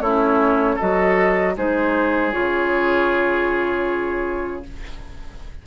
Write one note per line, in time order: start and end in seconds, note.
0.00 0.77 A3
0.00 0.79 C#4
0.00 0.75 E4
0.00 0.78 C#5
0.75 1.56 F#3
0.75 1.56 F#4
0.75 1.52 A4
0.75 1.55 D#5
1.56 2.33 G#3
1.56 2.32 D#4
1.56 4.65 G#4
1.56 2.32 C5
2.32 4.66 C#3
2.32 4.62 F4
2.32 4.62 C#5